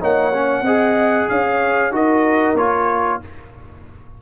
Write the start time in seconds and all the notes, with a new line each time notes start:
0.00 A#3 D#4 C#5 F#5
0.33 C#4
0.62 C4 G#4 D#5
1.29 C#4 C#5 F5
1.91 D#4 F#4 A#4 D#5
2.55 A#3 F4 C#5